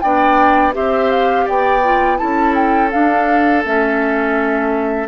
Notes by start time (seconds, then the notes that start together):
0.00 B3 D4 D5 G5
0.73 C4 G4 C5 E5
1.11 F5
1.45 B3 D5 G5
1.83 F4
2.17 C#4 E4 A4 A5
2.54 G5
2.91 D4 F5
3.65 A3 C#4 E5